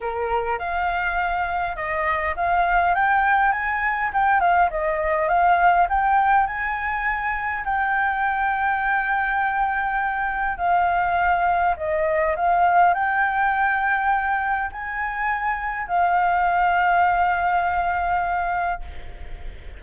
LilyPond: \new Staff \with { instrumentName = "flute" } { \time 4/4 \tempo 4 = 102 ais'4 f''2 dis''4 | f''4 g''4 gis''4 g''8 f''8 | dis''4 f''4 g''4 gis''4~ | gis''4 g''2.~ |
g''2 f''2 | dis''4 f''4 g''2~ | g''4 gis''2 f''4~ | f''1 | }